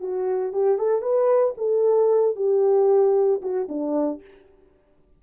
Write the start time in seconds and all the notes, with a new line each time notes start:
0.00 F#4
0.52 G4
0.78 A4
1.01 B4
1.57 A4
2.35 G4
3.41 F#4
3.68 D4